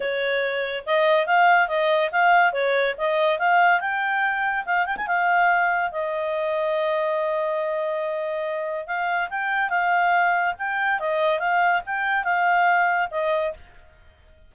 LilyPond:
\new Staff \with { instrumentName = "clarinet" } { \time 4/4 \tempo 4 = 142 cis''2 dis''4 f''4 | dis''4 f''4 cis''4 dis''4 | f''4 g''2 f''8 g''16 gis''16 | f''2 dis''2~ |
dis''1~ | dis''4 f''4 g''4 f''4~ | f''4 g''4 dis''4 f''4 | g''4 f''2 dis''4 | }